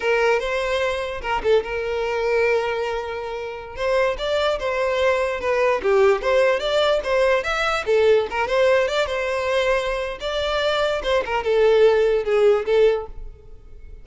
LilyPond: \new Staff \with { instrumentName = "violin" } { \time 4/4 \tempo 4 = 147 ais'4 c''2 ais'8 a'8 | ais'1~ | ais'4~ ais'16 c''4 d''4 c''8.~ | c''4~ c''16 b'4 g'4 c''8.~ |
c''16 d''4 c''4 e''4 a'8.~ | a'16 ais'8 c''4 d''8 c''4.~ c''16~ | c''4 d''2 c''8 ais'8 | a'2 gis'4 a'4 | }